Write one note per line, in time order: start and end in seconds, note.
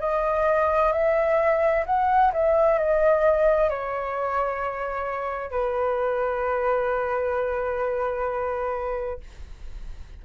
0.00 0.92 D#5
0.92 1.85 E5
1.86 2.32 F#5
2.33 2.79 E5
2.79 3.70 D#5
3.70 5.51 C#5
5.51 9.20 B4